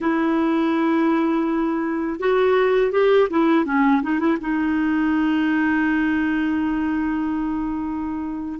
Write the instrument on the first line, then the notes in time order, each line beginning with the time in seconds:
clarinet
0.00 E4
2.19 F#4
2.91 G4
3.29 E4
3.65 C#4
4.02 D#4
4.19 E4
4.40 D#4